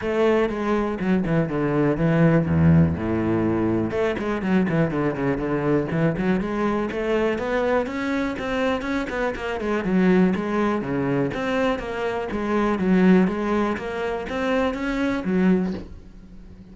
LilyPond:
\new Staff \with { instrumentName = "cello" } { \time 4/4 \tempo 4 = 122 a4 gis4 fis8 e8 d4 | e4 e,4 a,2 | a8 gis8 fis8 e8 d8 cis8 d4 | e8 fis8 gis4 a4 b4 |
cis'4 c'4 cis'8 b8 ais8 gis8 | fis4 gis4 cis4 c'4 | ais4 gis4 fis4 gis4 | ais4 c'4 cis'4 fis4 | }